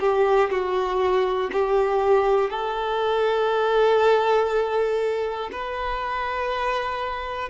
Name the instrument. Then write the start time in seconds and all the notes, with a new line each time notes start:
violin
0.00 G4
0.50 F#4
1.52 G4
2.50 A4
5.52 B4